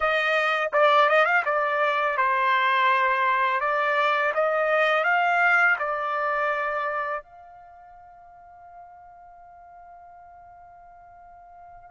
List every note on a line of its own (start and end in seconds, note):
0.00 0.70 D#5
0.73 1.09 D5
1.09 1.25 D#5
1.25 1.43 F5
1.45 2.17 D5
2.17 3.60 C5
3.60 4.32 D5
4.34 5.04 D#5
5.04 5.76 F5
5.78 7.23 D5
7.23 11.90 F5